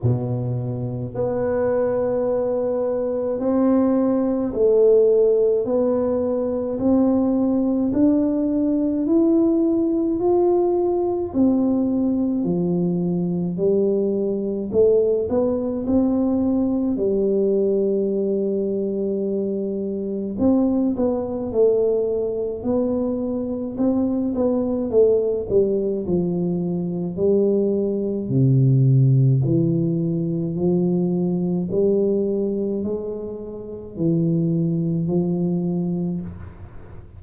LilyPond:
\new Staff \with { instrumentName = "tuba" } { \time 4/4 \tempo 4 = 53 b,4 b2 c'4 | a4 b4 c'4 d'4 | e'4 f'4 c'4 f4 | g4 a8 b8 c'4 g4~ |
g2 c'8 b8 a4 | b4 c'8 b8 a8 g8 f4 | g4 c4 e4 f4 | g4 gis4 e4 f4 | }